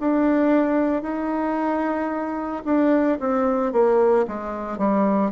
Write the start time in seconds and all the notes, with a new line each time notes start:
0.00 D4
1.02 D#4
2.65 D4
3.20 C4
3.72 A#3
4.28 G#3
4.78 G3